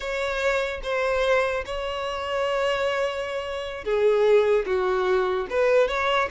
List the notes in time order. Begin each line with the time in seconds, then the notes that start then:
0.00 C#5
0.83 C5
1.65 C#5
3.84 G#4
4.66 F#4
5.49 B4
5.88 C#5